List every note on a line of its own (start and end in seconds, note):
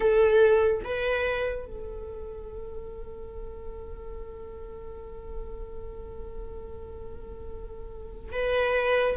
0.00 0.81 A4
0.84 1.65 B4
1.65 8.32 A4
8.32 9.16 B4